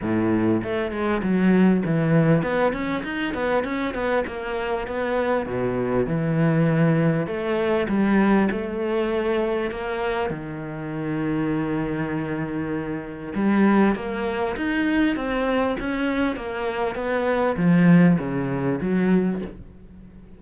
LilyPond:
\new Staff \with { instrumentName = "cello" } { \time 4/4 \tempo 4 = 99 a,4 a8 gis8 fis4 e4 | b8 cis'8 dis'8 b8 cis'8 b8 ais4 | b4 b,4 e2 | a4 g4 a2 |
ais4 dis2.~ | dis2 g4 ais4 | dis'4 c'4 cis'4 ais4 | b4 f4 cis4 fis4 | }